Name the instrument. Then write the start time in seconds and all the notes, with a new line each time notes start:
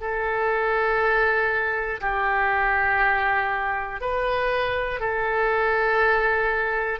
oboe
0.00 A4
2.00 G4
4.00 B4
5.00 A4